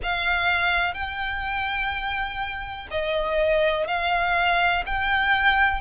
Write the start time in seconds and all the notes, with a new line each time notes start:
0.03 F5
0.94 G5
2.90 D#5
3.87 F5
4.86 G5